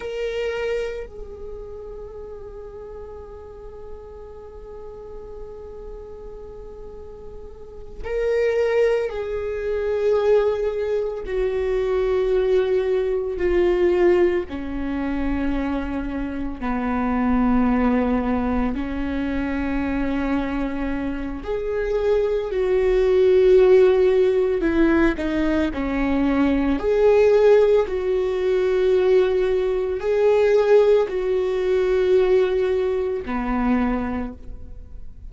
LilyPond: \new Staff \with { instrumentName = "viola" } { \time 4/4 \tempo 4 = 56 ais'4 gis'2.~ | gis'2.~ gis'8 ais'8~ | ais'8 gis'2 fis'4.~ | fis'8 f'4 cis'2 b8~ |
b4. cis'2~ cis'8 | gis'4 fis'2 e'8 dis'8 | cis'4 gis'4 fis'2 | gis'4 fis'2 b4 | }